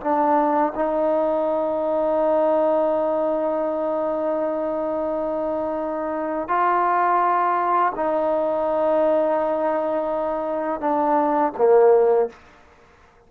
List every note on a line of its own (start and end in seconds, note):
0.00 0.72 D4
0.75 6.48 D#4
6.48 7.92 F4
7.95 10.80 D#4
10.80 11.52 D4
11.57 12.29 A#3